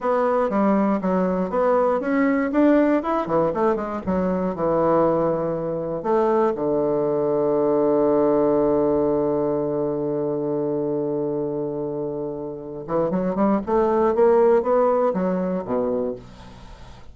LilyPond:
\new Staff \with { instrumentName = "bassoon" } { \time 4/4 \tempo 4 = 119 b4 g4 fis4 b4 | cis'4 d'4 e'8 e8 a8 gis8 | fis4 e2. | a4 d2.~ |
d1~ | d1~ | d4. e8 fis8 g8 a4 | ais4 b4 fis4 b,4 | }